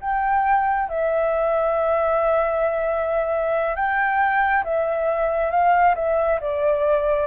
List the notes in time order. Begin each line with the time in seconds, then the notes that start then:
0.00 G5
0.89 E5
3.75 G5
4.64 E5
5.50 F5
5.95 E5
6.41 D5